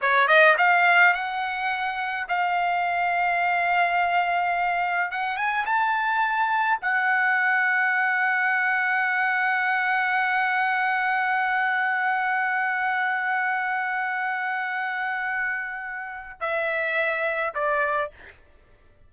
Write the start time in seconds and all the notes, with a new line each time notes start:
0.01 C#5
0.27 D#5
0.57 F5
1.13 F#5
2.28 F5
5.11 F#5
5.36 G#5
5.65 A5
6.81 F#5
16.40 E5
17.54 D5